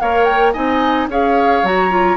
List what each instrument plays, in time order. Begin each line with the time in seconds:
0.00 bassoon A#3, clarinet A#4, oboe C#5, flute F5
0.25 flute G5
0.53 bassoon C4, clarinet D#4, oboe D#5, flute G#5
1.08 bassoon C#4, clarinet G#4, oboe C#5, flute F5
1.63 bassoon F#3, clarinet F#4, flute A#5
1.90 clarinet F4